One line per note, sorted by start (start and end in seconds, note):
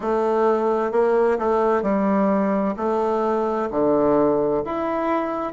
0.00 0.91 A3
0.91 1.38 A#3
1.38 1.82 A3
1.82 2.74 G3
2.77 3.69 A3
3.70 4.63 D3
4.64 5.52 E4